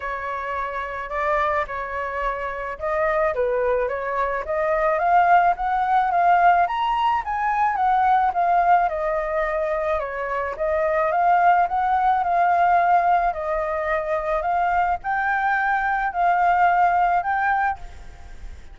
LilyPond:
\new Staff \with { instrumentName = "flute" } { \time 4/4 \tempo 4 = 108 cis''2 d''4 cis''4~ | cis''4 dis''4 b'4 cis''4 | dis''4 f''4 fis''4 f''4 | ais''4 gis''4 fis''4 f''4 |
dis''2 cis''4 dis''4 | f''4 fis''4 f''2 | dis''2 f''4 g''4~ | g''4 f''2 g''4 | }